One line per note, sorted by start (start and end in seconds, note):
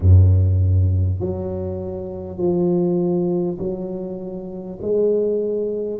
0.00 1.20 F#2
1.20 2.37 F#3
2.37 3.57 F3
3.58 4.78 F#3
4.81 5.99 G#3